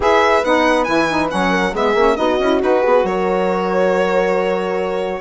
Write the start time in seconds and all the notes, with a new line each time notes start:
0.00 E4 G#4 B4 E5
0.44 B3 D#4 F#5
0.84 E3 E4 G#5
1.09 D#4
1.29 F#3 C#4 F#5
1.50 A#4
1.72 G#3 B3 G#4 E5
1.94 A#3 C#4
2.16 B3 D#4 F#4 D#5
2.39 C#4 E4
2.60 D#4 F#4 B4
2.81 B3 G#4
3.03 F#3 A#4 C#5